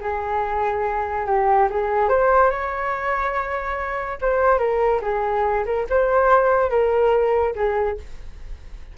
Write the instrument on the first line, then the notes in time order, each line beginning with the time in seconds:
flute
0.00 G#4
1.26 G4
1.70 G#4
2.08 C5
2.50 C#5
4.21 C5
4.58 A#4
5.01 G#4
5.65 A#4
5.89 C5
6.70 A#4
7.55 G#4